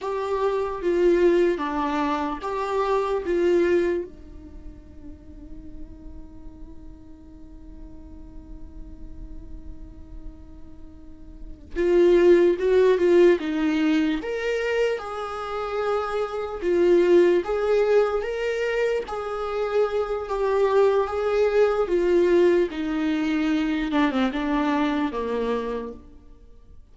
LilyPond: \new Staff \with { instrumentName = "viola" } { \time 4/4 \tempo 4 = 74 g'4 f'4 d'4 g'4 | f'4 dis'2.~ | dis'1~ | dis'2~ dis'8 f'4 fis'8 |
f'8 dis'4 ais'4 gis'4.~ | gis'8 f'4 gis'4 ais'4 gis'8~ | gis'4 g'4 gis'4 f'4 | dis'4. d'16 c'16 d'4 ais4 | }